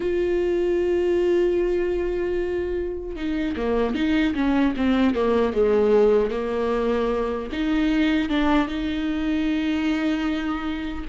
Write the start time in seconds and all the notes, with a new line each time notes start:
0.00 F4
3.16 D#4
3.56 A#3
3.95 D#4
4.35 C#4
4.76 C4
5.15 A#3
5.53 G#3
6.31 A#3
7.51 D#4
8.29 D4
8.67 D#4